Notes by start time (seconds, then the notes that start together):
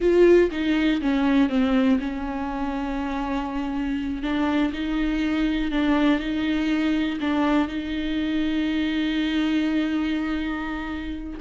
0.00 F4
0.51 D#4
1.01 C#4
1.49 C4
1.99 C#4
4.22 D4
4.72 D#4
5.71 D4
6.19 D#4
7.20 D4
7.67 D#4